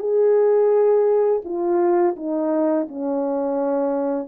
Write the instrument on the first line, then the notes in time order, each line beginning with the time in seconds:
horn
0.00 G#4
1.45 F4
2.17 D#4
2.89 C#4